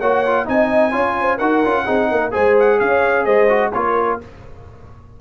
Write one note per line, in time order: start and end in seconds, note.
0.00 0.47 A#3
0.00 0.26 F#4
0.00 0.47 C#5
0.00 0.47 F#5
0.26 0.46 F4
0.46 0.95 C4
0.46 0.92 D#4
0.46 0.92 D#5
0.46 1.38 G#5
0.92 1.41 C#4
0.92 1.38 F4
0.92 1.16 C#5
1.21 1.38 C5
1.38 1.64 D#4
1.38 1.64 F#4
1.38 1.84 A#4
1.38 2.31 F#5
1.64 1.87 C#4
1.64 1.86 F4
1.85 2.12 C4
1.85 2.31 D#4
1.85 2.08 G#4
2.11 2.35 A#3
2.11 2.33 A#4
2.31 2.81 G#3
2.31 3.48 G#4
2.31 2.80 C5
2.31 2.56 G#5
2.60 2.80 F#5
2.80 3.26 C#4
2.80 3.25 C#5
2.80 3.25 F5
3.25 3.73 G#3
3.25 3.72 C5
3.25 3.72 D#5
3.49 3.73 F#4
3.73 4.20 A#3
3.73 4.21 F4
3.73 4.20 A#4
3.73 4.19 C#5